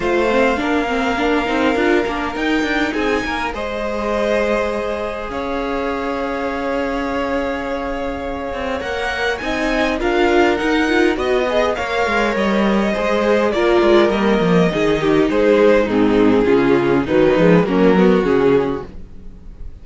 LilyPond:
<<
  \new Staff \with { instrumentName = "violin" } { \time 4/4 \tempo 4 = 102 f''1 | g''4 gis''4 dis''2~ | dis''4 f''2.~ | f''2. fis''4 |
gis''4 f''4 fis''4 dis''4 | f''4 dis''2 d''4 | dis''2 c''4 gis'4~ | gis'4 b'4 ais'4 gis'4 | }
  \new Staff \with { instrumentName = "violin" } { \time 4/4 c''4 ais'2.~ | ais'4 gis'8 ais'8 c''2~ | c''4 cis''2.~ | cis''1 |
dis''4 ais'2 dis''4 | cis''2 c''4 ais'4~ | ais'4 gis'8 g'8 gis'4 dis'4 | f'4 dis'4 cis'8 fis'4. | }
  \new Staff \with { instrumentName = "viola" } { \time 4/4 f'8 c'8 d'8 c'8 d'8 dis'8 f'8 d'8 | dis'2 gis'2~ | gis'1~ | gis'2. ais'4 |
dis'4 f'4 dis'8 f'8 fis'8 gis'8 | ais'2 gis'4 f'4 | ais4 dis'2 c'4 | cis'4 fis8 gis8 ais8 b8 cis'4 | }
  \new Staff \with { instrumentName = "cello" } { \time 4/4 a4 ais4. c'8 d'8 ais8 | dis'8 d'8 c'8 ais8 gis2~ | gis4 cis'2.~ | cis'2~ cis'8 c'8 ais4 |
c'4 d'4 dis'4 b4 | ais8 gis8 g4 gis4 ais8 gis8 | g8 f8 dis4 gis4 gis,4 | cis4 dis8 f8 fis4 cis4 | }
>>